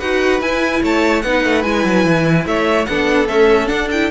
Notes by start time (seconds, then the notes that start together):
0.00 D#4 F#4 B4 F#5
0.41 E4 G#5
0.83 A3 C#5 A5
1.22 B3 D#4 B4 F#5
1.45 A3
1.63 G#3 E4 G#5
1.85 F#3
2.05 E3
2.46 A3 C#5 E5
2.86 B3 D4 A4 F#5
3.28 A3 C#4 E5
3.67 D4 F#5
3.91 E4 G5